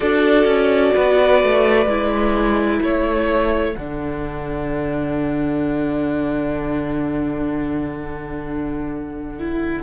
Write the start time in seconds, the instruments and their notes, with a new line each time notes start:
0.00 cello D4, viola F#4, violin A4 D5
0.44 cello C#4
0.94 cello B3, violin B4
1.43 cello A3
1.86 cello G#3, viola E4
2.81 cello A3, violin A4 C#5
3.74 cello D3, viola D4, violin F#5
9.38 viola E4